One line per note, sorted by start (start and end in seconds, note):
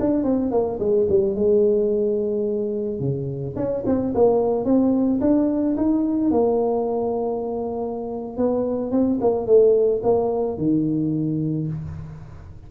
0.00 0.24 D4
0.24 0.51 C4
0.51 0.79 A#3
0.80 1.07 G#3
1.09 1.35 G3
1.35 3.00 G#3
3.00 3.55 C#3
3.56 3.84 C#4
3.86 4.14 C4
4.14 4.65 A#3
4.65 5.20 C4
5.21 5.76 D4
5.77 6.31 D#4
6.31 8.37 A#3
8.37 8.91 B3
8.91 9.19 C4
9.21 9.47 A#3
9.47 10.02 A3
10.03 10.58 A#3
10.58 11.68 D#3